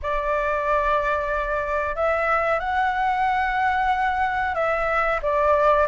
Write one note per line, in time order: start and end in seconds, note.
0.02 1.95 D5
1.95 2.59 E5
2.59 4.54 F#5
4.54 5.20 E5
5.22 5.87 D5